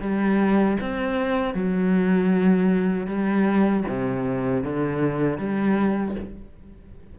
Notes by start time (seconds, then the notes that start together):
0.00 G3
0.80 C4
1.53 F#3
3.06 G3
3.87 C3
4.63 D3
5.38 G3